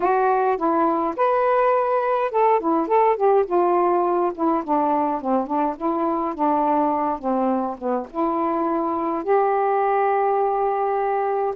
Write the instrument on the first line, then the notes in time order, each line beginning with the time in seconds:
saxophone
0.00 F#4
0.57 E4
1.16 B4
2.31 A4
2.60 E4
2.87 A4
3.16 G4
3.45 F4
4.34 E4
4.64 D4
5.21 C4
5.47 D4
5.77 E4
6.34 D4
7.19 C4
7.77 B3
8.10 E4
9.23 G4